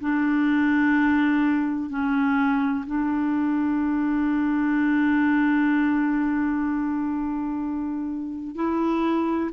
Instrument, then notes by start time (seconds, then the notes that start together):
clarinet
0.00 D4
1.90 C#4
2.86 D4
8.55 E4